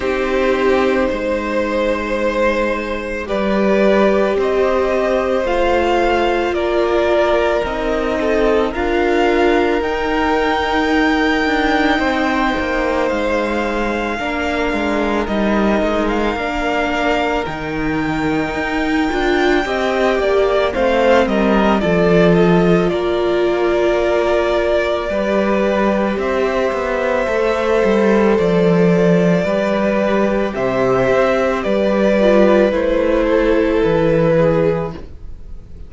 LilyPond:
<<
  \new Staff \with { instrumentName = "violin" } { \time 4/4 \tempo 4 = 55 c''2. d''4 | dis''4 f''4 d''4 dis''4 | f''4 g''2. | f''2 dis''8. f''4~ f''16 |
g''2. f''8 dis''8 | d''8 dis''8 d''2. | e''2 d''2 | e''4 d''4 c''4 b'4 | }
  \new Staff \with { instrumentName = "violin" } { \time 4/4 g'4 c''2 b'4 | c''2 ais'4. a'8 | ais'2. c''4~ | c''4 ais'2.~ |
ais'2 dis''8 d''8 c''8 ais'8 | a'4 ais'2 b'4 | c''2. b'4 | c''4 b'4. a'4 gis'8 | }
  \new Staff \with { instrumentName = "viola" } { \time 4/4 dis'2. g'4~ | g'4 f'2 dis'4 | f'4 dis'2.~ | dis'4 d'4 dis'4 d'4 |
dis'4. f'8 g'4 c'4 | f'2. g'4~ | g'4 a'2 g'4~ | g'4. f'8 e'2 | }
  \new Staff \with { instrumentName = "cello" } { \time 4/4 c'4 gis2 g4 | c'4 a4 ais4 c'4 | d'4 dis'4. d'8 c'8 ais8 | gis4 ais8 gis8 g8 gis8 ais4 |
dis4 dis'8 d'8 c'8 ais8 a8 g8 | f4 ais2 g4 | c'8 b8 a8 g8 f4 g4 | c8 c'8 g4 a4 e4 | }
>>